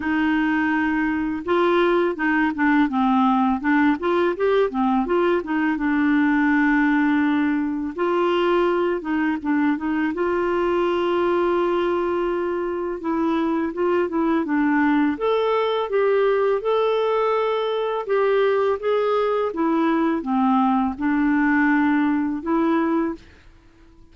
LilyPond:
\new Staff \with { instrumentName = "clarinet" } { \time 4/4 \tempo 4 = 83 dis'2 f'4 dis'8 d'8 | c'4 d'8 f'8 g'8 c'8 f'8 dis'8 | d'2. f'4~ | f'8 dis'8 d'8 dis'8 f'2~ |
f'2 e'4 f'8 e'8 | d'4 a'4 g'4 a'4~ | a'4 g'4 gis'4 e'4 | c'4 d'2 e'4 | }